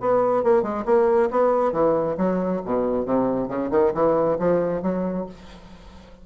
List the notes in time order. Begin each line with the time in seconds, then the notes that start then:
0.00 B3
0.43 A#3
0.62 G#3
0.85 A#3
1.30 B3
1.72 E3
2.17 F#3
2.65 B2
3.05 C3
3.48 C#3
3.70 D#3
3.93 E3
4.39 F3
4.82 F#3